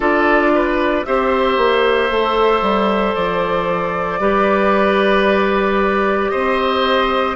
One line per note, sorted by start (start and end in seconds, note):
0.00 1.04 D4
0.00 1.05 F4
0.00 0.51 A4
0.00 1.04 D5
0.54 1.06 B4
1.04 1.57 C4
1.04 2.10 G4
1.04 4.20 C5
1.04 3.15 E5
1.57 2.09 A#3
2.10 2.61 A3
2.10 4.20 A4
2.61 3.14 G3
3.15 4.19 F3
3.15 6.29 D5
4.19 6.30 G3
4.19 7.36 G4
4.19 6.31 B4
6.29 7.36 C4
6.29 7.36 C5
6.29 7.35 D#5